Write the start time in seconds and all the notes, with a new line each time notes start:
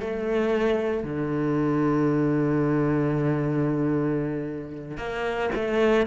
0.00 A3
1.03 D3
4.97 A#3
5.55 A3